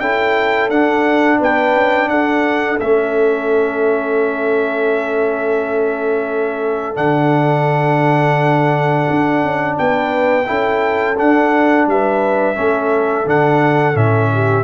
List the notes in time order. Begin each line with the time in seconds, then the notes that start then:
0.00 C#4 E4 A4 G5
0.70 D4 F#5
1.39 B3 B4 G5
1.76 C#4
2.09 D4 A4 F#5
2.81 A3 C#4 E5
6.95 D3 D4 F#5
9.10 D4
9.43 C#4
9.78 B3 B4 G5
10.46 C#4 E4 A4
11.17 D4 F#5
11.87 G3 B4 E5
12.55 A3 C#4 A4
13.25 D3 D4 F#5
13.94 A2 C#4 E5
14.34 G4